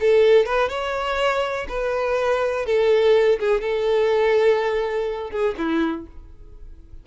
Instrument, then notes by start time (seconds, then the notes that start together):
violin
0.00 A4
0.46 B4
0.69 C#5
1.68 B4
2.66 A4
3.39 G#4
3.61 A4
5.30 G#4
5.58 E4